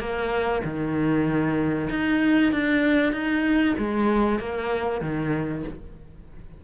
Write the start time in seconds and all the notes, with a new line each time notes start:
0.00 A#3
0.64 D#3
1.90 D#4
2.52 D4
3.13 D#4
3.78 G#3
4.40 A#3
5.01 D#3